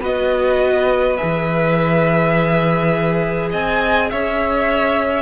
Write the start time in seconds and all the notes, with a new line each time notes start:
0.00 B3 F#4 B4 D#5
1.17 E3 G#4 E5
3.50 C4 D#5 G#5
4.10 C#4 C#5 E5